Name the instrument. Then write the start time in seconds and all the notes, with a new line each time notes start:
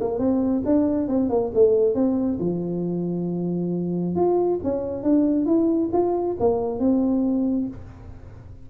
tuba
0.00 A#3
0.18 C4
0.65 D4
1.07 C4
1.29 A#3
1.54 A3
1.94 C4
2.39 F3
4.15 F4
4.63 C#4
5.03 D4
5.45 E4
5.92 F4
6.39 A#3
6.79 C4